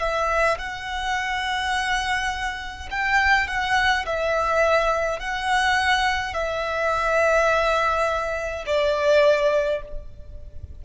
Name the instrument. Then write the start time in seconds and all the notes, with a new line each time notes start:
violin
0.00 E5
0.59 F#5
2.91 G5
3.48 F#5
4.06 E5
5.19 F#5
6.34 E5
8.66 D5